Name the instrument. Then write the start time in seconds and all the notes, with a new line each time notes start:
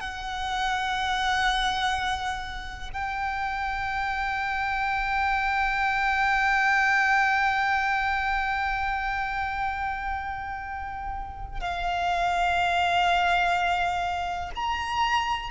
violin
0.00 F#5
2.93 G5
11.60 F5
14.55 A#5